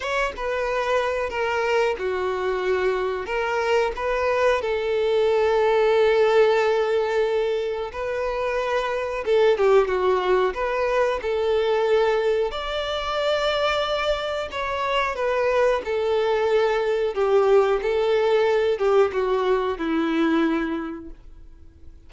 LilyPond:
\new Staff \with { instrumentName = "violin" } { \time 4/4 \tempo 4 = 91 cis''8 b'4. ais'4 fis'4~ | fis'4 ais'4 b'4 a'4~ | a'1 | b'2 a'8 g'8 fis'4 |
b'4 a'2 d''4~ | d''2 cis''4 b'4 | a'2 g'4 a'4~ | a'8 g'8 fis'4 e'2 | }